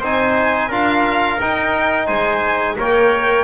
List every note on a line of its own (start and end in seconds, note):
0.00 0.70 C4
0.00 0.71 D#4
0.00 0.69 C5
0.00 0.72 G#5
0.69 1.39 D4
0.69 1.40 F4
0.69 2.06 A#4
0.69 1.41 F5
1.40 2.77 D#4
1.40 2.08 D#4
1.40 2.07 G5
2.07 2.77 G#3
2.07 2.76 C5
2.07 2.76 G#5
2.77 3.44 A#3
2.77 3.44 A#4
2.77 3.44 C#5
2.77 3.44 G5